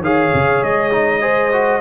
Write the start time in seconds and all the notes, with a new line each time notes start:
0.00 D#3 G#4 C#5 F5
0.34 C#3
0.62 G#3 D#5
0.91 D#4
1.21 G#4 C5
1.52 F#4